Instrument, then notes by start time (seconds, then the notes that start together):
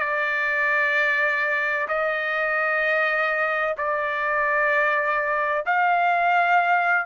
trumpet
0.00 D5
1.88 D#5
3.78 D5
5.66 F5